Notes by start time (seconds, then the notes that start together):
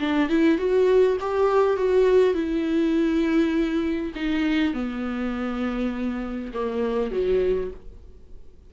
0.00 D4
0.29 E4
0.58 F#4
1.21 G4
1.77 F#4
2.34 E4
4.16 D#4
4.74 B3
6.54 A#3
7.12 F#3